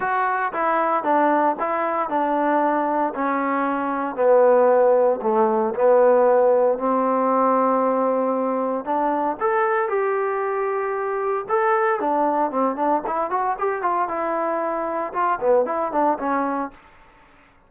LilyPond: \new Staff \with { instrumentName = "trombone" } { \time 4/4 \tempo 4 = 115 fis'4 e'4 d'4 e'4 | d'2 cis'2 | b2 a4 b4~ | b4 c'2.~ |
c'4 d'4 a'4 g'4~ | g'2 a'4 d'4 | c'8 d'8 e'8 fis'8 g'8 f'8 e'4~ | e'4 f'8 b8 e'8 d'8 cis'4 | }